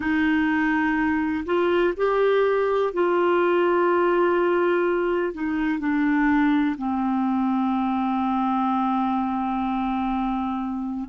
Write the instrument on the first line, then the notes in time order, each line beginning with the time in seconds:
clarinet
0.00 D#4
1.45 F4
1.97 G4
2.93 F4
5.33 D#4
5.79 D4
6.77 C4